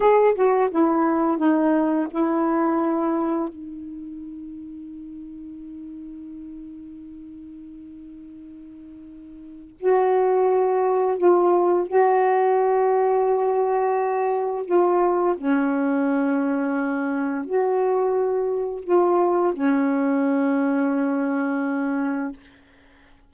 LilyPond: \new Staff \with { instrumentName = "saxophone" } { \time 4/4 \tempo 4 = 86 gis'8 fis'8 e'4 dis'4 e'4~ | e'4 dis'2.~ | dis'1~ | dis'2 fis'2 |
f'4 fis'2.~ | fis'4 f'4 cis'2~ | cis'4 fis'2 f'4 | cis'1 | }